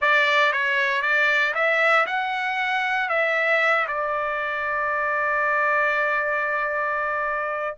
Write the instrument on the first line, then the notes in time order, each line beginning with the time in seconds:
trumpet
0.01 D5
0.52 C#5
1.01 D5
1.54 E5
2.06 F#5
3.09 E5
3.87 D5